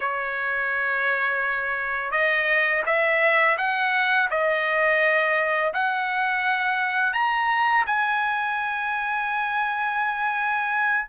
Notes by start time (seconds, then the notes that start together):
0.00 C#5
2.11 D#5
2.85 E5
3.57 F#5
4.30 D#5
5.73 F#5
7.13 A#5
7.86 G#5